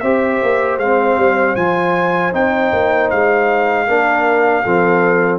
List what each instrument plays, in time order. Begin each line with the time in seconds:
0.00 tuba C4, trombone G4, horn C5, trumpet E5
0.42 tuba A#3
0.77 tuba G#3, trombone C4, trumpet F5
1.17 tuba G3
1.55 tuba F3, trombone F4, trumpet G#5
2.32 tuba C4, trombone D#4, trumpet G5
2.72 tuba A#3
3.10 tuba G#3, trumpet F5
3.87 tuba A#3, trombone D4, horn A#4
4.63 tuba F3, trombone C4, horn A4